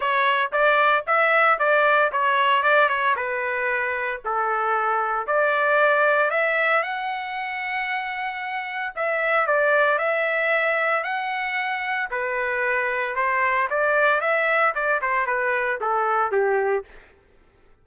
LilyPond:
\new Staff \with { instrumentName = "trumpet" } { \time 4/4 \tempo 4 = 114 cis''4 d''4 e''4 d''4 | cis''4 d''8 cis''8 b'2 | a'2 d''2 | e''4 fis''2.~ |
fis''4 e''4 d''4 e''4~ | e''4 fis''2 b'4~ | b'4 c''4 d''4 e''4 | d''8 c''8 b'4 a'4 g'4 | }